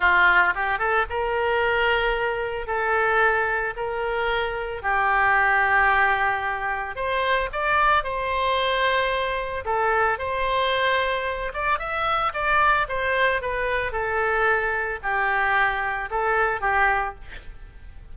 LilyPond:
\new Staff \with { instrumentName = "oboe" } { \time 4/4 \tempo 4 = 112 f'4 g'8 a'8 ais'2~ | ais'4 a'2 ais'4~ | ais'4 g'2.~ | g'4 c''4 d''4 c''4~ |
c''2 a'4 c''4~ | c''4. d''8 e''4 d''4 | c''4 b'4 a'2 | g'2 a'4 g'4 | }